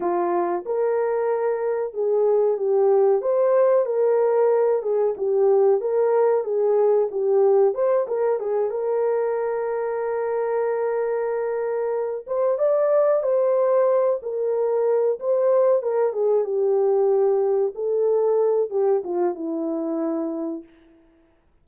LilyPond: \new Staff \with { instrumentName = "horn" } { \time 4/4 \tempo 4 = 93 f'4 ais'2 gis'4 | g'4 c''4 ais'4. gis'8 | g'4 ais'4 gis'4 g'4 | c''8 ais'8 gis'8 ais'2~ ais'8~ |
ais'2. c''8 d''8~ | d''8 c''4. ais'4. c''8~ | c''8 ais'8 gis'8 g'2 a'8~ | a'4 g'8 f'8 e'2 | }